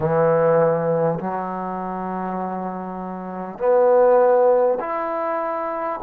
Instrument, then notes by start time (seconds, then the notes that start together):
trombone
0.00 E3
1.19 F#3
3.58 B3
4.80 E4